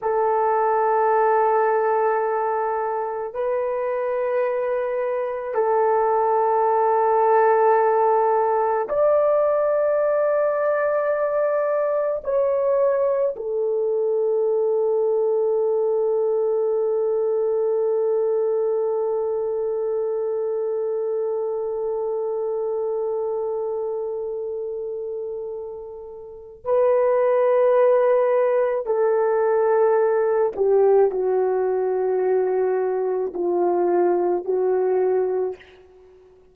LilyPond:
\new Staff \with { instrumentName = "horn" } { \time 4/4 \tempo 4 = 54 a'2. b'4~ | b'4 a'2. | d''2. cis''4 | a'1~ |
a'1~ | a'1 | b'2 a'4. g'8 | fis'2 f'4 fis'4 | }